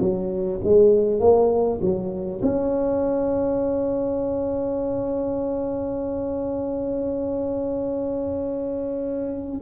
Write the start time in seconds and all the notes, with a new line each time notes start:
0.00 F#3
0.64 G#3
1.20 A#3
1.81 F#3
2.43 C#4